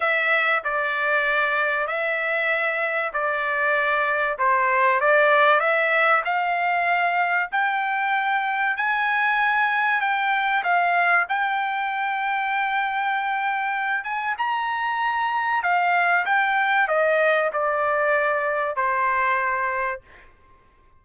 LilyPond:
\new Staff \with { instrumentName = "trumpet" } { \time 4/4 \tempo 4 = 96 e''4 d''2 e''4~ | e''4 d''2 c''4 | d''4 e''4 f''2 | g''2 gis''2 |
g''4 f''4 g''2~ | g''2~ g''8 gis''8 ais''4~ | ais''4 f''4 g''4 dis''4 | d''2 c''2 | }